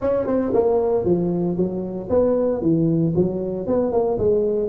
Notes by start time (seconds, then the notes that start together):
0.01 C#4
0.26 C4
0.53 A#3
1.04 F3
1.56 F#3
2.09 B3
2.61 E3
3.15 F#3
3.66 B3
3.92 A#3
4.18 G#3